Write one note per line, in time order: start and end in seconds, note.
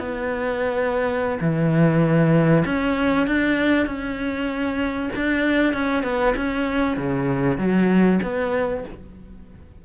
0.00 1.39 B3
1.41 2.65 E3
2.66 3.28 C#4
3.28 3.87 D4
3.87 5.10 C#4
5.16 5.74 D4
5.74 6.04 C#4
6.04 6.35 B3
6.37 6.97 C#4
6.97 7.58 C#3
7.58 8.20 F#3
8.23 8.85 B3